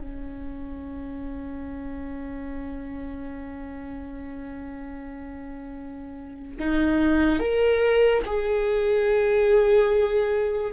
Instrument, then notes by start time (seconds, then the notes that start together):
viola
0.00 C#4
6.59 D#4
7.40 A#4
8.26 G#4